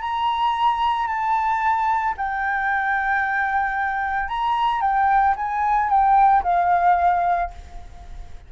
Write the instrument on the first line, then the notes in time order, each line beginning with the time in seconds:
flute
0.00 A#5
1.07 A5
2.17 G5
4.28 A#5
4.81 G5
5.36 G#5
5.89 G5
6.43 F5